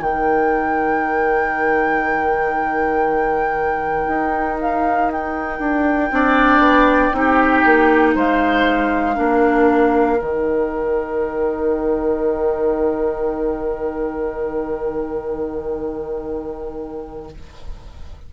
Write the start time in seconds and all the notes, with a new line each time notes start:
0.00 D#3 D#4 A#4 G5
4.08 D#4
4.61 F5
5.12 G5
5.60 D4
6.11 C4 D4 D5
6.59 B3
7.13 C4 D#4 G4
7.66 A#3
8.16 G#3 C5 F5
9.15 A#3 D4 A#4
10.17 D#3 D#4 G5